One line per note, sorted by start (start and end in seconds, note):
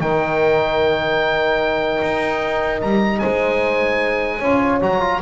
0.00 2.00 D#3
0.00 4.41 D#4
0.00 3.20 A#4
0.00 2.81 G5
2.02 2.82 D#4
2.81 3.22 G3
2.81 3.19 A#5
3.19 4.41 G#3
3.19 4.39 C5
3.19 4.79 G#5
4.39 4.81 C#4
4.39 4.82 F4
4.39 5.19 C#5
4.81 5.21 F#3
4.81 5.01 F#4
4.81 5.22 A#5
5.01 5.21 F4